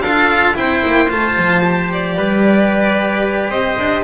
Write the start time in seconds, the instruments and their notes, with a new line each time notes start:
0.00 double bass D4, trumpet A4, violin F5
0.07 cello F4
0.54 double bass C4, cello E4, trumpet C5, violin G5
0.85 double bass A#3
1.09 double bass A3, cello F4, violin A5
1.37 double bass F3
1.63 cello G4
1.92 violin D5
2.16 double bass G3, trumpet B4
3.49 double bass C4, trumpet C5, violin D#5
3.78 double bass D4